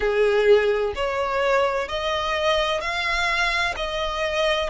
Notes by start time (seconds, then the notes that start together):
0.00 G#4
0.95 C#5
1.88 D#5
2.80 F5
3.76 D#5